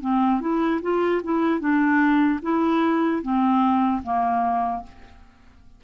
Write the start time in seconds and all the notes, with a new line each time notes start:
0.00 C4
0.40 E4
0.81 F4
1.23 E4
1.59 D4
2.42 E4
3.22 C4
4.03 A#3